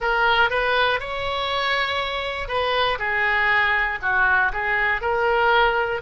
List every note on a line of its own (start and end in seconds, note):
0.00 0.50 A#4
0.50 1.00 B4
1.00 2.48 C#5
2.48 2.98 B4
2.98 3.98 G#4
4.02 4.52 F#4
4.52 5.00 G#4
5.00 6.00 A#4